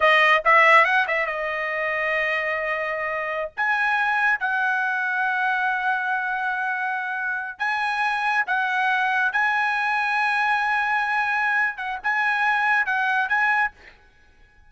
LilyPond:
\new Staff \with { instrumentName = "trumpet" } { \time 4/4 \tempo 4 = 140 dis''4 e''4 fis''8 e''8 dis''4~ | dis''1~ | dis''16 gis''2 fis''4.~ fis''16~ | fis''1~ |
fis''4.~ fis''16 gis''2 fis''16~ | fis''4.~ fis''16 gis''2~ gis''16~ | gis''2.~ gis''8 fis''8 | gis''2 fis''4 gis''4 | }